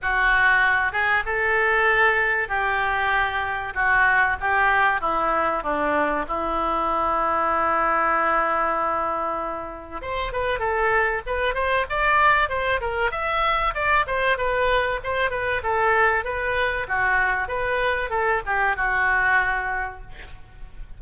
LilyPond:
\new Staff \with { instrumentName = "oboe" } { \time 4/4 \tempo 4 = 96 fis'4. gis'8 a'2 | g'2 fis'4 g'4 | e'4 d'4 e'2~ | e'1 |
c''8 b'8 a'4 b'8 c''8 d''4 | c''8 ais'8 e''4 d''8 c''8 b'4 | c''8 b'8 a'4 b'4 fis'4 | b'4 a'8 g'8 fis'2 | }